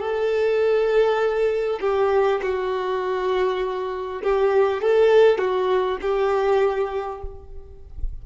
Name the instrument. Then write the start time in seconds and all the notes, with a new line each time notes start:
violin
0.00 A4
1.81 G4
2.42 F#4
4.23 G4
4.82 A4
5.38 F#4
6.02 G4